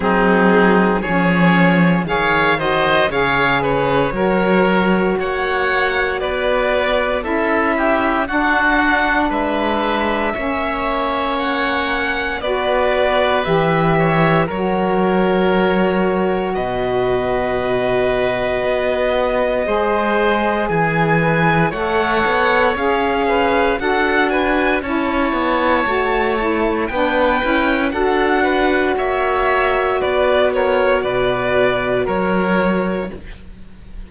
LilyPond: <<
  \new Staff \with { instrumentName = "violin" } { \time 4/4 \tempo 4 = 58 gis'4 cis''4 f''8 dis''8 f''8 cis''8~ | cis''4 fis''4 d''4 e''4 | fis''4 e''2 fis''4 | d''4 e''4 cis''2 |
dis''1 | gis''4 fis''4 f''4 fis''8 gis''8 | a''2 g''4 fis''4 | e''4 d''8 cis''8 d''4 cis''4 | }
  \new Staff \with { instrumentName = "oboe" } { \time 4/4 dis'4 gis'4 cis''8 c''8 cis''8 b'8 | ais'4 cis''4 b'4 a'8 g'8 | fis'4 b'4 cis''2 | b'4. cis''8 ais'2 |
b'2. c''4 | gis'8 b'8 cis''4. b'8 a'8 b'8 | cis''2 b'4 a'8 b'8 | cis''4 b'8 ais'8 b'4 ais'4 | }
  \new Staff \with { instrumentName = "saxophone" } { \time 4/4 c'4 cis'4 gis'8 fis'8 gis'4 | fis'2. e'4 | d'2 cis'2 | fis'4 g'4 fis'2~ |
fis'2. gis'4~ | gis'4 a'4 gis'4 fis'4 | e'4 fis'8 e'8 d'8 e'8 fis'4~ | fis'1 | }
  \new Staff \with { instrumentName = "cello" } { \time 4/4 fis4 f4 dis4 cis4 | fis4 ais4 b4 cis'4 | d'4 gis4 ais2 | b4 e4 fis2 |
b,2 b4 gis4 | e4 a8 b8 cis'4 d'4 | cis'8 b8 a4 b8 cis'8 d'4 | ais4 b4 b,4 fis4 | }
>>